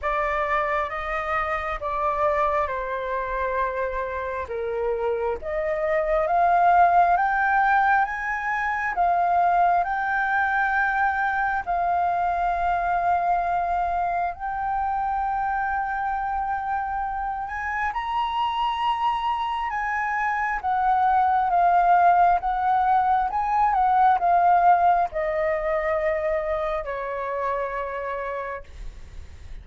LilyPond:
\new Staff \with { instrumentName = "flute" } { \time 4/4 \tempo 4 = 67 d''4 dis''4 d''4 c''4~ | c''4 ais'4 dis''4 f''4 | g''4 gis''4 f''4 g''4~ | g''4 f''2. |
g''2.~ g''8 gis''8 | ais''2 gis''4 fis''4 | f''4 fis''4 gis''8 fis''8 f''4 | dis''2 cis''2 | }